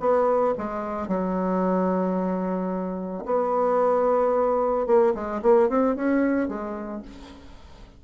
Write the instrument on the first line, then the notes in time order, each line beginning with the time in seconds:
bassoon
0.00 B3
0.58 G#3
1.08 F#3
3.25 B3
4.86 A#3
5.14 G#3
5.42 A#3
5.69 C4
5.96 C#4
6.48 G#3